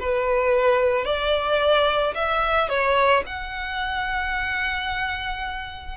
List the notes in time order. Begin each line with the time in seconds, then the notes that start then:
0.00 B4
1.05 D5
2.15 E5
2.69 C#5
3.27 F#5